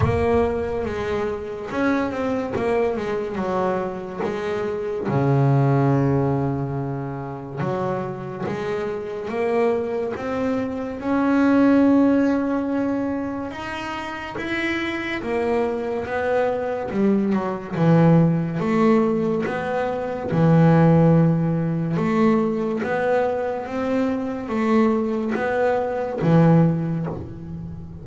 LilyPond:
\new Staff \with { instrumentName = "double bass" } { \time 4/4 \tempo 4 = 71 ais4 gis4 cis'8 c'8 ais8 gis8 | fis4 gis4 cis2~ | cis4 fis4 gis4 ais4 | c'4 cis'2. |
dis'4 e'4 ais4 b4 | g8 fis8 e4 a4 b4 | e2 a4 b4 | c'4 a4 b4 e4 | }